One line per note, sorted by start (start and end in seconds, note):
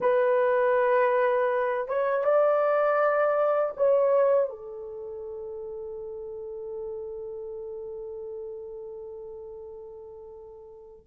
0.00 1.88 B4
1.88 2.24 C#5
2.24 3.74 D5
3.77 4.49 C#5
4.49 11.05 A4